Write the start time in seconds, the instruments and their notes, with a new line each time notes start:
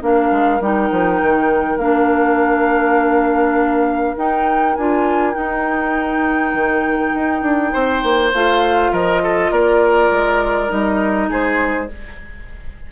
0.00 bassoon A#3, clarinet D4, oboe A#4, flute F5
0.31 bassoon G#3
0.60 bassoon G3, clarinet D#4, flute G5
0.91 bassoon F3
1.22 bassoon D#3
1.77 bassoon A#3, clarinet D4, flute F5
4.16 clarinet D#4, bassoon D#4, flute G5
4.76 bassoon D4, clarinet F4, flute G#5
5.33 clarinet D#4, bassoon D#4, flute G5
6.53 bassoon D#3
7.14 bassoon D#4
7.42 bassoon D4
7.73 bassoon C4, oboe C5
8.03 bassoon A#3
8.33 bassoon A3, clarinet F4, flute F5
8.92 bassoon F3, oboe A#4, flute D#5
9.23 oboe A4
9.51 bassoon A#3, oboe A#4, flute D5
10.11 bassoon G#3
10.68 bassoon G3, clarinet D#4, flute D#5
11.29 bassoon G#3, oboe G#4, flute C5